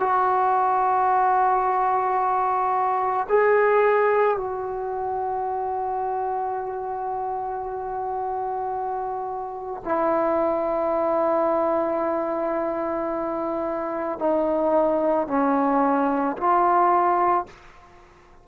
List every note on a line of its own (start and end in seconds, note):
0.00 3.27 F#4
3.29 4.37 G#4
4.37 9.83 F#4
9.85 14.19 E4
14.19 15.28 D#4
15.28 16.37 C#4
16.37 17.46 F4